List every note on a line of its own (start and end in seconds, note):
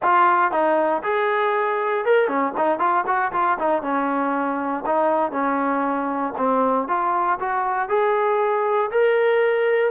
0.02 0.51 F4
0.51 1.02 D#4
1.03 2.05 G#4
2.05 2.27 A#4
2.27 2.53 C#4
2.57 2.79 D#4
2.79 3.04 F4
3.06 3.32 F#4
3.32 3.57 F4
3.58 3.82 D#4
3.82 4.84 C#4
4.86 5.31 D#4
5.31 6.33 C#4
6.37 6.88 C4
6.88 7.38 F4
7.39 7.88 F#4
7.88 8.90 G#4
8.91 9.91 A#4